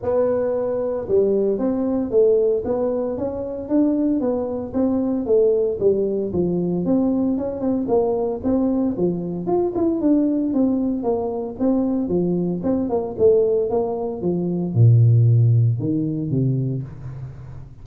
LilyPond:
\new Staff \with { instrumentName = "tuba" } { \time 4/4 \tempo 4 = 114 b2 g4 c'4 | a4 b4 cis'4 d'4 | b4 c'4 a4 g4 | f4 c'4 cis'8 c'8 ais4 |
c'4 f4 f'8 e'8 d'4 | c'4 ais4 c'4 f4 | c'8 ais8 a4 ais4 f4 | ais,2 dis4 c4 | }